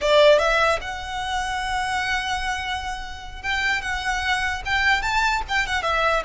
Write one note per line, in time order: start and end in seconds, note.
0.01 0.38 D5
0.38 0.79 E5
0.81 3.42 F#5
3.42 3.81 G5
3.81 4.62 F#5
4.65 5.02 G5
5.02 5.42 A5
5.48 5.66 G5
5.66 5.82 F#5
5.82 6.22 E5